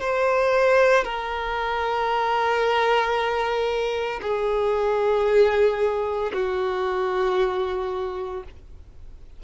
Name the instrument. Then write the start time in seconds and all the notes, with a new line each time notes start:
violin
0.00 C5
1.04 A#4
4.22 G#4
6.33 F#4